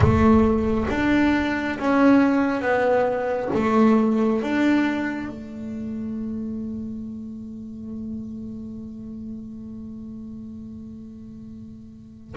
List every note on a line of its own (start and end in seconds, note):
0.00 0.86 A3
0.90 1.78 D4
1.78 2.61 C#4
2.61 3.49 B3
3.53 4.42 A3
4.42 5.29 D4
5.29 12.34 A3